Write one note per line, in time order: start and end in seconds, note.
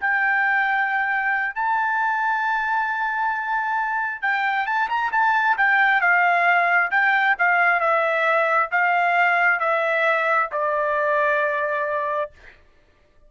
0.00 1.55 G5
1.55 4.22 A5
4.22 4.66 G5
4.66 4.88 A5
4.89 5.11 A#5
5.12 5.56 A5
5.57 6.01 G5
6.01 6.90 F5
6.91 7.36 G5
7.38 7.80 F5
7.80 8.69 E5
8.71 9.59 F5
9.59 10.49 E5
10.52 12.31 D5